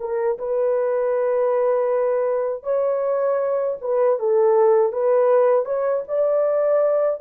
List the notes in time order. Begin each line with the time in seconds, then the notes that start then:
0.00 A#4
0.39 B4
2.63 C#5
3.81 B4
4.19 A4
4.93 B4
5.65 C#5
6.08 D5